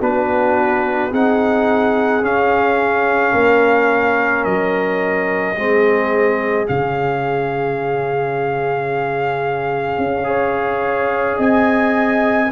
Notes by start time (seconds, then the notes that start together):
0.00 B3 D4 F#4 B4
1.10 C4 D#4 G#4 F#5
2.22 C#4 F5
3.33 A#3 A#4
4.44 F#3 D#5
5.56 G#3 C4 G#4
6.66 C#3 C#4 F5
9.98 C#4
10.24 G#4 C#5
11.38 C4 D#5 G#5